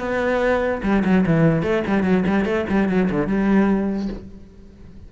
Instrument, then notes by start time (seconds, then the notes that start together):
cello
0.00 B3
0.83 G3
1.05 F#3
1.27 E3
1.63 A3
1.87 G3
2.04 F#3
2.27 G3
2.45 A3
2.70 G3
2.89 F#3
3.11 D3
3.27 G3